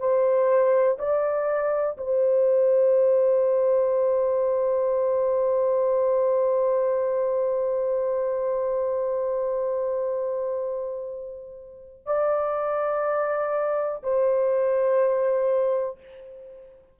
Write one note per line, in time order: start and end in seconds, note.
0.00 0.98 C5
0.99 1.98 D5
1.98 12.06 C5
12.06 14.03 D5
14.03 16.00 C5